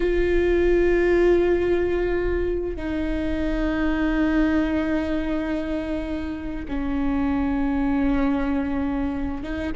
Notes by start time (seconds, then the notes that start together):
0.00 F4
2.76 D#4
6.68 C#4
9.43 D#4